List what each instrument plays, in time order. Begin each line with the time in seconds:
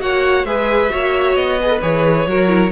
0.00 cello A#3, viola F#4, violin C#5 F#5
0.45 cello G#3, viola G#4, violin B4 E5
0.90 cello A#3, viola F#4, violin C#5
1.36 cello B3, violin D#5
1.60 viola G#4, violin B4
1.69 viola A4
1.82 cello E3, viola G#4, violin C#5
2.27 cello F#3, viola F#4, violin A#4
2.48 viola E4